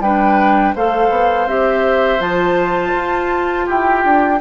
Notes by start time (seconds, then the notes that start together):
0.00 G3 D4 B4 G5
0.75 A3 A4 C5 F5
1.10 B3
1.47 C4 G4 E5
2.20 F3 F4 A5
2.94 F4
3.66 E4 G4 G5
4.05 D4